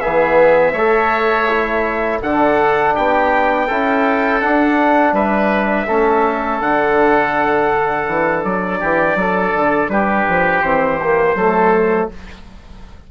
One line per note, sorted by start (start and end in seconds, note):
0.00 0.73 E3
0.00 0.75 B3
0.00 0.72 G#4
0.00 2.20 E5
0.72 2.19 A3
0.72 1.49 A4
0.72 2.19 C#5
1.49 2.22 E4
2.22 2.95 D3
2.22 3.68 D4
2.22 2.93 A4
2.22 2.95 F#5
2.93 3.70 B3
2.93 3.66 G4
2.93 4.40 G5
3.66 4.42 C#4
3.66 4.40 E4
3.66 5.13 A4
4.40 5.87 D4
4.40 5.12 D4
4.40 5.14 F#5
5.12 5.85 G3
5.12 5.87 B4
5.12 6.61 E5
5.87 6.60 A3
5.87 6.62 C#4
5.87 8.79 A4
6.60 8.06 D3
6.60 10.63 D4
6.60 8.44 F#5
8.08 8.43 E3
8.43 8.80 F#3
8.43 9.89 D5
8.79 9.15 E3
8.79 9.16 G4
9.15 9.51 F#3
9.15 9.91 A4
9.55 9.88 D3
9.88 10.25 G3
9.88 11.36 G4
9.88 10.61 B4
10.28 10.62 F3
10.61 11.34 E3
10.61 11.00 C4
10.61 12.07 C5
11.01 11.37 A#3
11.34 12.08 F#3
11.34 12.11 A3
11.34 12.09 A4